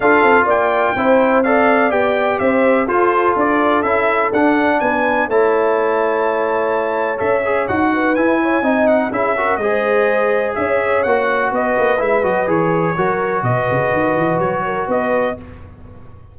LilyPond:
<<
  \new Staff \with { instrumentName = "trumpet" } { \time 4/4 \tempo 4 = 125 f''4 g''2 f''4 | g''4 e''4 c''4 d''4 | e''4 fis''4 gis''4 a''4~ | a''2. e''4 |
fis''4 gis''4. fis''8 e''4 | dis''2 e''4 fis''4 | dis''4 e''8 dis''8 cis''2 | dis''2 cis''4 dis''4 | }
  \new Staff \with { instrumentName = "horn" } { \time 4/4 a'4 d''4 c''4 d''4~ | d''4 c''4 a'2~ | a'2 b'4 cis''4~ | cis''1~ |
cis''8 b'4 cis''8 dis''4 gis'8 ais'8 | c''2 cis''2 | b'2. ais'4 | b'2~ b'8 ais'8 b'4 | }
  \new Staff \with { instrumentName = "trombone" } { \time 4/4 f'2 e'4 a'4 | g'2 f'2 | e'4 d'2 e'4~ | e'2. a'8 gis'8 |
fis'4 e'4 dis'4 e'8 fis'8 | gis'2. fis'4~ | fis'4 e'8 fis'8 gis'4 fis'4~ | fis'1 | }
  \new Staff \with { instrumentName = "tuba" } { \time 4/4 d'8 c'8 ais4 c'2 | b4 c'4 f'4 d'4 | cis'4 d'4 b4 a4~ | a2. cis'4 |
dis'4 e'4 c'4 cis'4 | gis2 cis'4 ais4 | b8 ais8 gis8 fis8 e4 fis4 | b,8 cis8 dis8 e8 fis4 b4 | }
>>